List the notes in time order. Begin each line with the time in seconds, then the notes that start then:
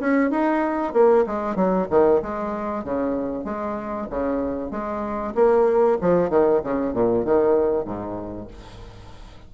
0.00 C#4
0.30 D#4
0.93 A#3
1.26 G#3
1.56 F#3
1.90 D#3
2.22 G#3
2.84 C#3
3.44 G#3
4.10 C#3
4.71 G#3
5.35 A#3
6.01 F3
6.30 D#3
6.64 C#3
6.93 A#2
7.25 D#3
7.85 G#2